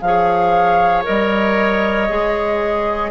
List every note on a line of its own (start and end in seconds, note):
0.00 1.05 F3
0.00 1.04 G#4
0.00 1.03 F5
0.07 3.11 C#5
1.04 2.10 G3
1.04 2.07 A#4
1.04 3.11 D#5
2.09 3.11 G#3
2.09 3.11 G#4